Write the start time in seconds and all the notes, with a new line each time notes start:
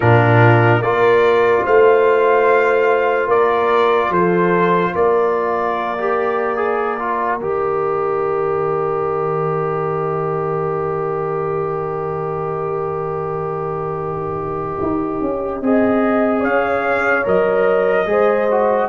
0.00 A#2 D4 F4 A#4
0.81 A#3 F4 A#4 D5
1.64 A3 C5 F5
3.27 A#3 A#4 D5
4.09 F3 A4 C5
4.95 A#3 A#4 D5
5.98 G4
6.56 G#4
6.99 F4
7.40 D#3 G4 D#5
14.82 D#4
15.21 C#4
15.61 C4 G#4 D#5
16.40 C#4 C#5 F5
17.23 F#3 A#4 D#5
18.05 G#3 G#4 C5
18.50 F#4